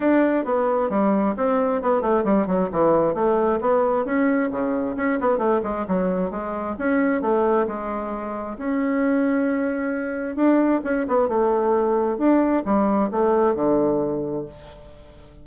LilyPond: \new Staff \with { instrumentName = "bassoon" } { \time 4/4 \tempo 4 = 133 d'4 b4 g4 c'4 | b8 a8 g8 fis8 e4 a4 | b4 cis'4 cis4 cis'8 b8 | a8 gis8 fis4 gis4 cis'4 |
a4 gis2 cis'4~ | cis'2. d'4 | cis'8 b8 a2 d'4 | g4 a4 d2 | }